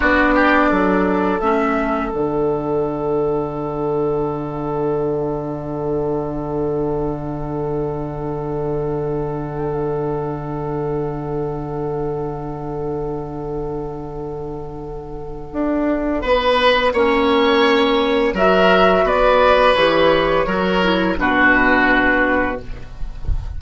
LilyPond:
<<
  \new Staff \with { instrumentName = "flute" } { \time 4/4 \tempo 4 = 85 d''2 e''4 fis''4~ | fis''1~ | fis''1~ | fis''1~ |
fis''1~ | fis''1~ | fis''2 e''4 d''4 | cis''2 b'2 | }
  \new Staff \with { instrumentName = "oboe" } { \time 4/4 fis'8 g'8 a'2.~ | a'1~ | a'1~ | a'1~ |
a'1~ | a'2. b'4 | cis''2 ais'4 b'4~ | b'4 ais'4 fis'2 | }
  \new Staff \with { instrumentName = "clarinet" } { \time 4/4 d'2 cis'4 d'4~ | d'1~ | d'1~ | d'1~ |
d'1~ | d'1 | cis'2 fis'2 | g'4 fis'8 e'8 d'2 | }
  \new Staff \with { instrumentName = "bassoon" } { \time 4/4 b4 fis4 a4 d4~ | d1~ | d1~ | d1~ |
d1~ | d2 d'4 b4 | ais2 fis4 b4 | e4 fis4 b,2 | }
>>